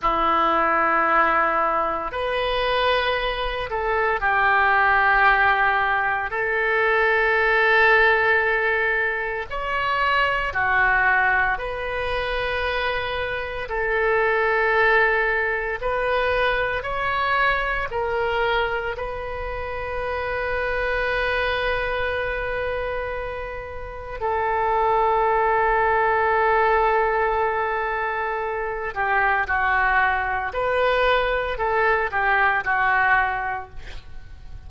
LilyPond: \new Staff \with { instrumentName = "oboe" } { \time 4/4 \tempo 4 = 57 e'2 b'4. a'8 | g'2 a'2~ | a'4 cis''4 fis'4 b'4~ | b'4 a'2 b'4 |
cis''4 ais'4 b'2~ | b'2. a'4~ | a'2.~ a'8 g'8 | fis'4 b'4 a'8 g'8 fis'4 | }